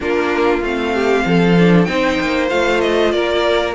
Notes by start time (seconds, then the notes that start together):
0.00 A#3 D4 F4 A#4
0.61 A3 C4 F5
0.94 G4
1.25 F3 A4
1.58 D4
1.84 C4 D#4 C5 G5
2.20 A#3
2.48 A3 F4 F5
2.81 D#5
3.11 A#3 A#4 D5